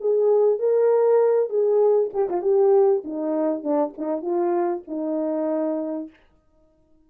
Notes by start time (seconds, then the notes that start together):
0.00 G#4
0.59 A#4
1.49 G#4
2.13 G4
2.29 F4
2.42 G4
3.04 D#4
3.63 D4
3.98 D#4
4.22 F4
4.87 D#4